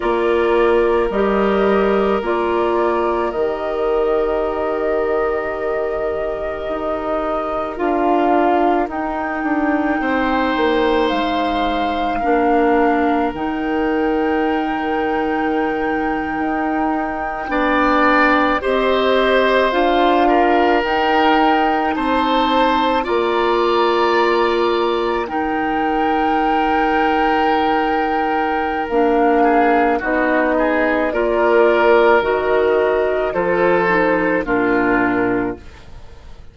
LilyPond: <<
  \new Staff \with { instrumentName = "flute" } { \time 4/4 \tempo 4 = 54 d''4 dis''4 d''4 dis''4~ | dis''2. f''4 | g''2 f''2 | g''1~ |
g''8. dis''4 f''4 g''4 a''16~ | a''8. ais''2 g''4~ g''16~ | g''2 f''4 dis''4 | d''4 dis''4 c''4 ais'4 | }
  \new Staff \with { instrumentName = "oboe" } { \time 4/4 ais'1~ | ais'1~ | ais'4 c''2 ais'4~ | ais'2.~ ais'8. d''16~ |
d''8. c''4. ais'4. c''16~ | c''8. d''2 ais'4~ ais'16~ | ais'2~ ais'8 gis'8 fis'8 gis'8 | ais'2 a'4 f'4 | }
  \new Staff \with { instrumentName = "clarinet" } { \time 4/4 f'4 g'4 f'4 g'4~ | g'2. f'4 | dis'2. d'4 | dis'2.~ dis'8. d'16~ |
d'8. g'4 f'4 dis'4~ dis'16~ | dis'8. f'2 dis'4~ dis'16~ | dis'2 d'4 dis'4 | f'4 fis'4 f'8 dis'8 d'4 | }
  \new Staff \with { instrumentName = "bassoon" } { \time 4/4 ais4 g4 ais4 dis4~ | dis2 dis'4 d'4 | dis'8 d'8 c'8 ais8 gis4 ais4 | dis2~ dis8. dis'4 b16~ |
b8. c'4 d'4 dis'4 c'16~ | c'8. ais2 dis4~ dis16~ | dis2 ais4 b4 | ais4 dis4 f4 ais,4 | }
>>